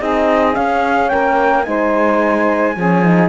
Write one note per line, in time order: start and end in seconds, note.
0.00 0.56 C4
0.00 0.54 D#4
0.00 1.10 G#4
0.00 0.55 D#5
0.54 1.64 C#4
0.54 1.12 C#4
0.54 1.09 F5
1.09 1.67 A#3
1.09 1.66 A#4
1.09 1.63 G5
1.63 2.76 G#3
1.63 2.74 D#4
1.63 2.75 C5
1.63 3.28 G#5
2.75 3.29 F3
2.75 3.04 C#4
2.75 3.29 G#4
3.04 3.29 D#4